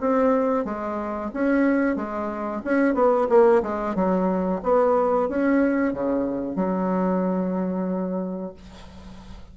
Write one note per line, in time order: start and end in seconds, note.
0.00 0.65 C4
0.65 1.31 G#3
1.33 1.95 C#4
1.95 2.61 G#3
2.64 2.94 C#4
2.94 3.27 B3
3.29 3.62 A#3
3.62 3.95 G#3
3.95 4.61 F#3
4.62 5.28 B3
5.29 5.93 C#4
5.93 6.55 C#3
6.55 8.53 F#3